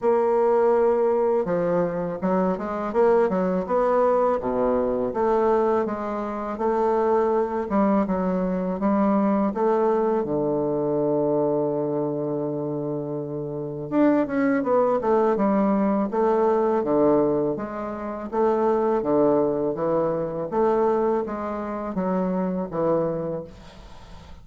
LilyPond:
\new Staff \with { instrumentName = "bassoon" } { \time 4/4 \tempo 4 = 82 ais2 f4 fis8 gis8 | ais8 fis8 b4 b,4 a4 | gis4 a4. g8 fis4 | g4 a4 d2~ |
d2. d'8 cis'8 | b8 a8 g4 a4 d4 | gis4 a4 d4 e4 | a4 gis4 fis4 e4 | }